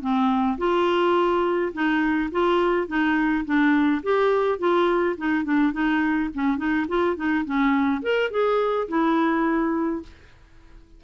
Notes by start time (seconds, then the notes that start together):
0.00 C4
0.57 F4
1.72 D#4
2.31 F4
2.87 D#4
3.44 D4
4.02 G4
4.58 F4
5.17 D#4
5.44 D4
5.72 D#4
6.34 C#4
6.57 D#4
6.88 F4
7.16 D#4
7.44 C#4
8.02 A#4
8.30 G#4
8.88 E4